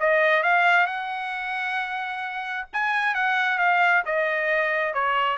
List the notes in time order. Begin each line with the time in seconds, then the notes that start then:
0.00 D#5
0.43 F5
0.87 F#5
2.73 G#5
3.14 F#5
3.58 F5
4.06 D#5
4.94 C#5